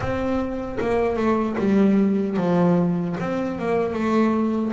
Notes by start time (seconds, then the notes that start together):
0.00 C4
0.80 A#3
1.16 A3
1.58 G3
2.36 F3
3.20 C4
3.58 A#3
3.93 A3